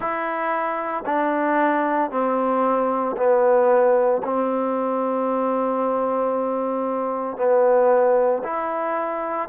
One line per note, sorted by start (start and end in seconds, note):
0.00 1.04 E4
1.06 2.11 D4
2.11 3.16 C4
3.16 4.22 B3
4.23 7.37 C4
7.37 8.42 B3
8.43 9.48 E4